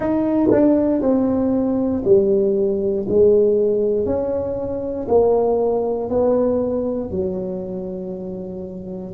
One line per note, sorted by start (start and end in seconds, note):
0.00 0.49 D#4
0.51 1.01 D4
1.01 2.03 C4
2.04 3.06 G3
3.08 4.05 G#3
4.05 5.07 C#4
5.08 6.09 A#3
6.09 7.10 B3
7.10 9.13 F#3